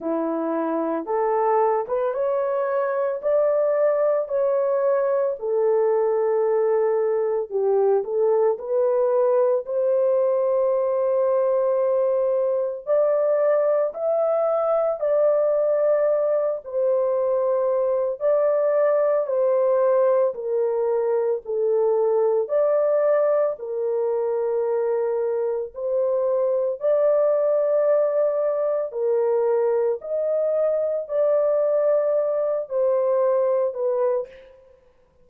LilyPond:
\new Staff \with { instrumentName = "horn" } { \time 4/4 \tempo 4 = 56 e'4 a'8. b'16 cis''4 d''4 | cis''4 a'2 g'8 a'8 | b'4 c''2. | d''4 e''4 d''4. c''8~ |
c''4 d''4 c''4 ais'4 | a'4 d''4 ais'2 | c''4 d''2 ais'4 | dis''4 d''4. c''4 b'8 | }